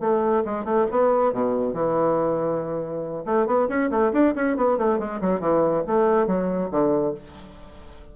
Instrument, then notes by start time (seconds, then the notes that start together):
bassoon
0.00 A3
0.45 G#3
0.65 A3
0.91 B3
1.32 B2
1.73 E3
3.25 A3
3.46 B3
3.68 C#4
3.90 A3
4.12 D4
4.35 C#4
4.56 B3
4.77 A3
4.99 G#3
5.21 F#3
5.40 E3
5.87 A3
6.26 F#3
6.71 D3